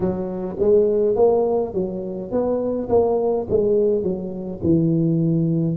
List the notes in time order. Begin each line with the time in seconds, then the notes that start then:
0.00 F#3
0.59 G#3
1.15 A#3
1.73 F#3
2.31 B3
2.89 A#3
3.49 G#3
4.03 F#3
4.63 E3